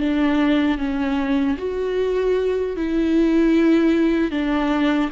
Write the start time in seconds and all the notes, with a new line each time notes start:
0.00 D4
0.78 C#4
1.58 F#4
2.77 E4
4.31 D4